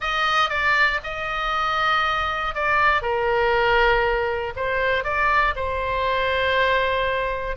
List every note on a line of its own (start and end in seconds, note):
0.00 0.49 D#5
0.49 0.99 D5
1.03 2.54 D#5
2.54 3.02 D5
3.02 4.53 A#4
4.56 5.04 C5
5.04 5.54 D5
5.55 7.56 C5